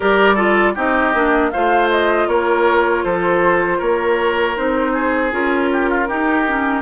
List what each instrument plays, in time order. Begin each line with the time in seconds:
0.00 bassoon G3, clarinet G4, oboe A#4, flute D5
0.34 clarinet F4, oboe A4
0.74 bassoon C4, clarinet D#4, oboe G4, flute D#5
1.13 bassoon A#3, clarinet D4
1.50 bassoon A3, clarinet F4, oboe C5, flute F5
1.90 flute D#5
2.27 bassoon A#3, oboe A#4, flute C#5
3.04 bassoon F3, oboe A4, flute C5
3.78 bassoon A#3, oboe A#4, flute C#5
4.56 bassoon C4, clarinet D#4, flute C5
4.93 oboe G#4
5.31 bassoon C#4, clarinet F4, flute A#4
5.72 oboe G4
5.89 oboe F4
6.07 clarinet D#4, bassoon D#4, oboe G4
6.47 clarinet C#4